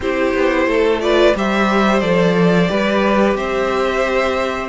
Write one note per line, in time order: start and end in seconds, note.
0.00 0.33 C4
0.00 1.01 E4
0.00 0.68 G4
0.00 1.01 C5
0.33 0.66 B3
0.66 1.34 A3
0.66 1.02 A4
1.01 1.35 F4
1.01 1.36 B4
1.01 1.34 D5
1.35 2.02 G3
1.35 2.02 G4
1.35 2.70 C5
1.35 1.99 E5
1.99 2.69 F3
1.99 2.67 A4
1.99 3.34 D5
2.67 3.34 G3
2.67 4.69 G4
2.67 3.37 B4
3.34 4.69 C4
3.34 4.69 C5
3.34 4.69 E5